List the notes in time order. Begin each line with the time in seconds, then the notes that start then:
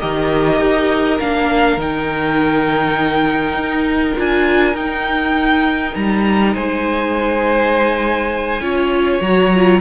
0.00 D#3 G4 A#4 D#5
0.61 D#4
1.20 A#3 D4 F5
1.77 D#3 D#4 G5
3.55 D#4
4.16 D4 F4 G#5
4.74 D#4 G5
5.95 G3 A#5
6.54 G#3 C5 G#5
8.61 C#4 F4 C#5
9.21 F#3 F#4 A#5
9.56 F4